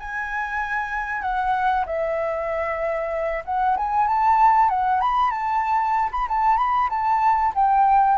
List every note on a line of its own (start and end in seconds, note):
0.00 1.22 G#5
1.22 1.85 F#5
1.86 3.44 E5
3.45 3.77 F#5
3.77 4.07 G#5
4.07 4.70 A5
4.70 5.01 F#5
5.01 5.31 B5
5.31 6.10 A5
6.12 6.28 B5
6.29 6.57 A5
6.57 6.89 B5
6.90 7.53 A5
7.55 8.18 G5